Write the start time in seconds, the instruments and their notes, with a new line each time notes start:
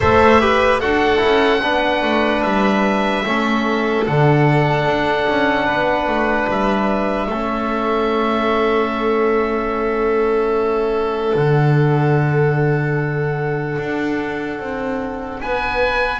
0.00 double bass A3, trombone A4, violin C5, oboe E5
0.40 trombone G4, violin B4
0.80 double bass D4, trombone F#4, violin A4, oboe F#5
1.17 trombone E4
1.24 double bass C#4
1.62 double bass B3, trombone D4, violin B4
2.02 double bass A3
2.42 double bass G3, oboe E5
3.25 double bass A3, trombone C#4, violin A4
4.06 double bass D3, trombone D4, oboe F#5
4.85 double bass D4
5.28 double bass C#4
5.65 double bass B3, violin B4
6.07 double bass A3
6.48 double bass G3, oboe E5
7.27 double bass A3, trombone C#4, violin A4
11.34 double bass D3, trombone D4, oboe F#5
13.78 double bass D4
14.59 double bass C4
15.41 double bass B3, violin B4, oboe G#5